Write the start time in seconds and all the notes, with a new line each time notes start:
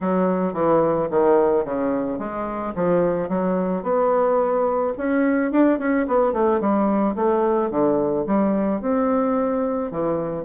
0.01 F#3
0.53 E3
1.10 D#3
1.64 C#3
2.18 G#3
2.75 F3
3.28 F#3
3.83 B3
4.97 C#4
5.51 D4
5.78 C#4
6.07 B3
6.32 A3
6.60 G3
7.15 A3
7.70 D3
8.26 G3
8.81 C4
9.91 E3